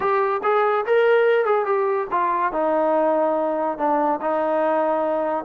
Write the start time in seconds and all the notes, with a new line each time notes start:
0.00 G4
0.43 G#4
0.85 A#4
1.45 G#4
1.65 G4
2.11 F4
2.52 D#4
3.78 D4
4.21 D#4